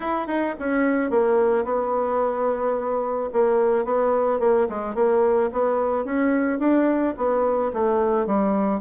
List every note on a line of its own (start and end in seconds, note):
0.00 0.27 E4
0.27 0.54 D#4
0.59 1.10 C#4
1.10 1.64 A#3
1.64 3.29 B3
3.32 3.84 A#3
3.84 4.39 B3
4.39 4.67 A#3
4.69 4.94 G#3
4.94 5.49 A#3
5.52 6.04 B3
6.04 6.59 C#4
6.59 7.14 D4
7.17 7.72 B3
7.73 8.26 A3
8.26 8.80 G3